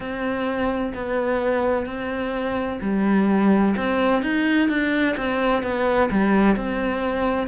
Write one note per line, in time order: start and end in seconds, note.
0.00 0.93 C4
0.94 1.85 B3
1.85 2.79 C4
2.81 3.75 G3
3.76 4.22 C4
4.22 4.68 D#4
4.68 5.15 D4
5.16 5.62 C4
5.62 6.09 B3
6.10 6.55 G3
6.55 7.47 C4